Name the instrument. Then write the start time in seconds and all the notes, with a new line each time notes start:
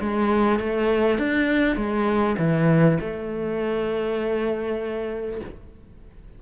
cello
0.00 G#3
0.59 A3
1.18 D4
1.76 G#3
2.38 E3
3.01 A3